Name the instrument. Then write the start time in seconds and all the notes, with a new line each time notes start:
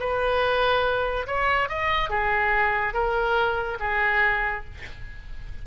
oboe
0.00 B4
1.28 C#5
1.69 D#5
2.10 G#4
2.94 A#4
3.80 G#4